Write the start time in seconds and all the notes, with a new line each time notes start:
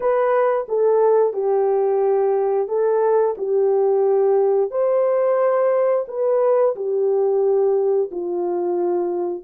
0.00 B4
0.68 A4
1.33 G4
2.68 A4
3.37 G4
4.70 C5
6.08 B4
6.75 G4
8.11 F4